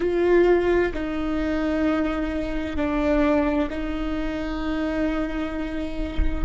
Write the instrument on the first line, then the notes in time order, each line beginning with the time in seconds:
viola
0.00 F4
0.93 D#4
2.76 D4
3.70 D#4